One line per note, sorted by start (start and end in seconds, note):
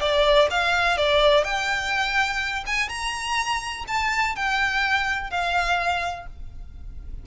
0.00 0.48 D5
0.50 0.97 F5
0.97 1.44 D5
1.44 2.64 G5
2.66 2.88 G#5
2.88 3.84 A#5
3.87 4.35 A5
4.35 5.30 G5
5.30 6.26 F5